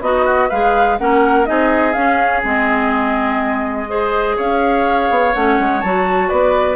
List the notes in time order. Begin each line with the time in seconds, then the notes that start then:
0.00 B3 D#4 F#4 D#5
0.25 F#4
0.48 G#3 G#4 B4 F5
0.98 A#3 C#4 A#4 F#5
1.45 C4 D#4 G#4 D#5
1.93 C#4 F5
2.44 G#3 C4 D#5
3.88 G#4 C5
4.36 C#4 C#5 F5
5.10 B3
5.34 A3 C#4 F#5
5.59 G#3
5.81 F#3 F#4 A5
6.28 B3 B4 D5